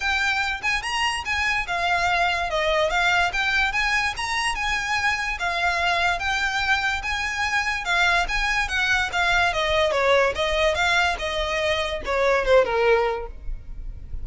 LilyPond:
\new Staff \with { instrumentName = "violin" } { \time 4/4 \tempo 4 = 145 g''4. gis''8 ais''4 gis''4 | f''2 dis''4 f''4 | g''4 gis''4 ais''4 gis''4~ | gis''4 f''2 g''4~ |
g''4 gis''2 f''4 | gis''4 fis''4 f''4 dis''4 | cis''4 dis''4 f''4 dis''4~ | dis''4 cis''4 c''8 ais'4. | }